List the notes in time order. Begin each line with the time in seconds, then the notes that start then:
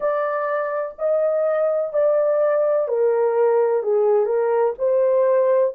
0.00 D5
0.98 D#5
1.93 D5
2.87 A#4
3.83 G#4
4.25 A#4
4.78 C5